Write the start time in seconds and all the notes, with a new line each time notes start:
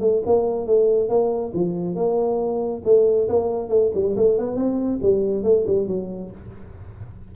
0.00 A3
0.25 A#3
0.66 A3
1.08 A#3
1.54 F3
1.95 A#3
2.84 A3
3.28 A#3
3.69 A3
3.94 G3
4.16 A3
4.38 B3
4.56 C4
5.02 G3
5.43 A3
5.67 G3
5.87 F#3